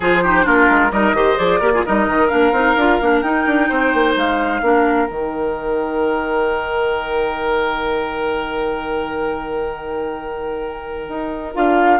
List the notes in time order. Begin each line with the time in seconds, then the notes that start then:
0.00 F3 F4 G#4 C5
0.23 D#4 G4
0.43 A#3 D4 F4 A#4
0.69 G#3
0.91 G3 D#4 A#4 D#5
1.13 D#3 G4 C5
1.37 F3 G#4 D5
1.59 A#3 G4 A#4
1.74 F4 G#4
1.85 G3 D#4 A#4 D#5
2.07 D#3
2.27 A#3 D4 F5
2.51 C4 D#4
2.76 D4 F4
3.01 A#3 D4
3.21 D#4 G5
3.46 D4
3.69 C4 C5
3.93 A#3
4.15 G#3 F5
4.61 A#3 D4 A#4
5.06 D#3 D#4 G5
11.08 D#4
11.54 D4 F4 F5